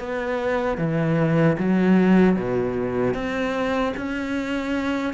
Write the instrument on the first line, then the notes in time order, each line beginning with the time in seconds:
cello
0.00 B3
0.78 E3
1.59 F#3
2.36 B2
3.14 C4
3.97 C#4